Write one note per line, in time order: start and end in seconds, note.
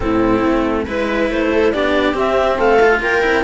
0.00 0.43 A2
0.00 0.86 C4
0.00 0.84 E4
0.00 0.86 A4
0.43 0.86 A3
0.84 1.30 G#3
0.84 1.72 E4
0.84 1.49 B4
0.84 1.30 B4
1.30 1.73 A3
1.30 1.72 C5
1.52 1.72 A4
1.72 2.13 B3
1.72 2.13 D4
1.72 2.58 G4
1.72 2.15 D5
2.13 2.78 C4
2.13 2.57 C4
2.13 2.58 E5
2.58 3.01 A3
2.58 3.01 A4
2.58 3.01 F5
2.81 3.21 F4
3.01 3.23 A#3
3.01 3.44 A#4
3.01 3.44 G5
3.21 3.44 C4
3.21 3.43 E4